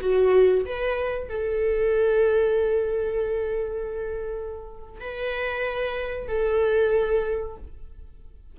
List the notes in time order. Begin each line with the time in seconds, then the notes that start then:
0.00 F#4
0.65 B4
1.29 A4
5.00 B4
6.28 A4